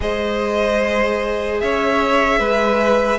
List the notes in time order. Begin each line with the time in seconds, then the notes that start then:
0.00 G#3 G#4 C5 D#5
1.60 C#4 C#5 E5
2.39 G#3 B4